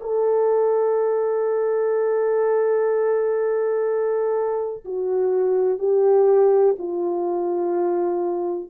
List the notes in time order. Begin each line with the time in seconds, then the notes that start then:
0.00 A4
4.85 F#4
5.78 G4
6.78 F4